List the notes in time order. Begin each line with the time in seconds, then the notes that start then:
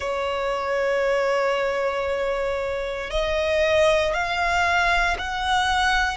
0.00 C#5
3.10 D#5
4.13 F5
5.18 F#5